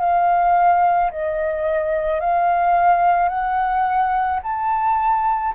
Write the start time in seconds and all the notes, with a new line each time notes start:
0.00 F5
1.11 D#5
2.20 F5
3.29 F#5
4.43 A5